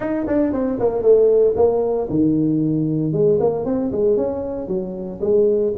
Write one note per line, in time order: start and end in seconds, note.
0.00 0.26 D#4
0.27 0.52 D4
0.52 0.78 C4
0.79 1.02 A#3
1.02 1.54 A3
1.56 2.08 A#3
2.09 3.12 D#3
3.12 3.38 G#3
3.39 3.65 A#3
3.65 3.91 C4
3.91 4.16 G#3
4.16 4.67 C#4
4.67 5.19 F#3
5.20 5.72 G#3